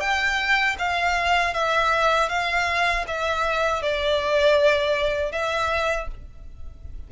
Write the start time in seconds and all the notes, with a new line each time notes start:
0.00 G5
0.78 F5
1.54 E5
2.29 F5
3.07 E5
3.82 D5
5.32 E5